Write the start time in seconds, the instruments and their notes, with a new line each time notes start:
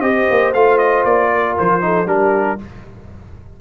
0.00 tuba C4, trombone G4, horn C5, trumpet D#5
0.30 tuba A#3
0.54 tuba A3, trombone F4, trumpet F5
0.78 trumpet D#5
1.04 tuba A#3, trumpet D5
1.34 horn A#4
1.58 tuba F3, trumpet C5
1.81 trombone D#4, horn A4
2.06 tuba G3, trombone D4, horn G4, trumpet A#4